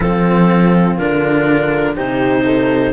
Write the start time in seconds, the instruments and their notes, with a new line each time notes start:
0.00 cello F3 C4, horn F4, clarinet A4
0.97 cello D3 D4, clarinet A#4
1.95 cello C3 D#4, horn G4, clarinet C5
2.44 horn A4